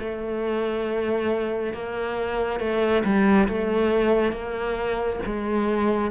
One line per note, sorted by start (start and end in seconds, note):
0.00 1.74 A3
1.74 2.60 A#3
2.60 3.04 A3
3.05 3.48 G3
3.49 4.33 A3
4.33 5.20 A#3
5.26 6.11 G#3